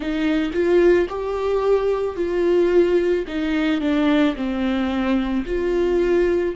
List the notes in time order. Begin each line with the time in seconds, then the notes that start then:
0.00 D#4
0.53 F4
1.09 G4
2.16 F4
3.27 D#4
3.80 D4
4.35 C4
5.45 F4